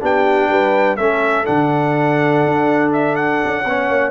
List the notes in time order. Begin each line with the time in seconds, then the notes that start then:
0.00 B3 D4 G4 G5
0.49 G3 B4
0.96 A3 C#4 A4 E5
1.44 D3 D4 F#5
2.45 D4
2.93 E5
3.15 F#5
3.45 C#4
3.65 B3 C#4 C#5
3.89 A#3